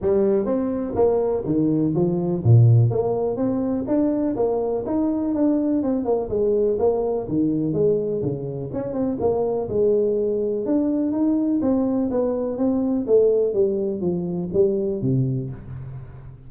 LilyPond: \new Staff \with { instrumentName = "tuba" } { \time 4/4 \tempo 4 = 124 g4 c'4 ais4 dis4 | f4 ais,4 ais4 c'4 | d'4 ais4 dis'4 d'4 | c'8 ais8 gis4 ais4 dis4 |
gis4 cis4 cis'8 c'8 ais4 | gis2 d'4 dis'4 | c'4 b4 c'4 a4 | g4 f4 g4 c4 | }